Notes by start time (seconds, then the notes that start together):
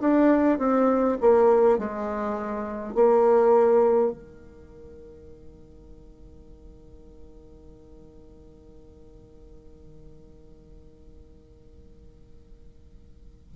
0.00 D4
0.58 C4
1.20 A#3
1.78 G#3
2.95 A#3
4.12 D#3